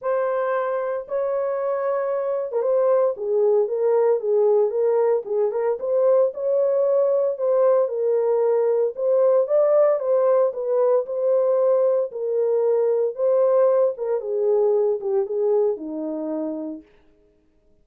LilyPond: \new Staff \with { instrumentName = "horn" } { \time 4/4 \tempo 4 = 114 c''2 cis''2~ | cis''8. ais'16 c''4 gis'4 ais'4 | gis'4 ais'4 gis'8 ais'8 c''4 | cis''2 c''4 ais'4~ |
ais'4 c''4 d''4 c''4 | b'4 c''2 ais'4~ | ais'4 c''4. ais'8 gis'4~ | gis'8 g'8 gis'4 dis'2 | }